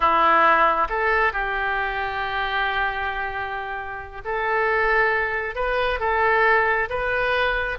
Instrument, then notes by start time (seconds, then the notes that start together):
oboe
0.00 E4
0.89 A4
1.32 G4
4.24 A4
5.55 B4
5.99 A4
6.89 B4